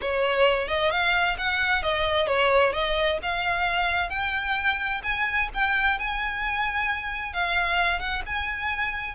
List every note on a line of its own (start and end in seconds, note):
0.01 0.68 C#5
0.68 0.90 D#5
0.90 1.36 F5
1.38 1.83 F#5
1.83 2.27 D#5
2.27 2.72 C#5
2.72 3.18 D#5
3.22 4.09 F5
4.09 5.01 G5
5.03 5.49 G#5
5.53 5.98 G5
5.98 7.33 G#5
7.33 7.99 F5
7.99 8.22 F#5
8.26 9.15 G#5